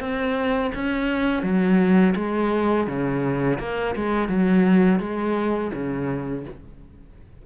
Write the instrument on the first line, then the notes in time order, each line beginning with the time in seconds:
cello
0.00 C4
0.75 C#4
1.43 F#3
2.16 G#3
2.87 C#3
3.59 A#3
3.96 G#3
4.28 F#3
5.00 G#3
5.73 C#3